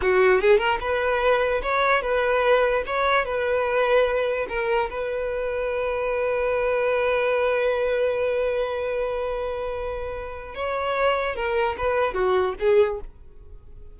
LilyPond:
\new Staff \with { instrumentName = "violin" } { \time 4/4 \tempo 4 = 148 fis'4 gis'8 ais'8 b'2 | cis''4 b'2 cis''4 | b'2. ais'4 | b'1~ |
b'1~ | b'1~ | b'2 cis''2 | ais'4 b'4 fis'4 gis'4 | }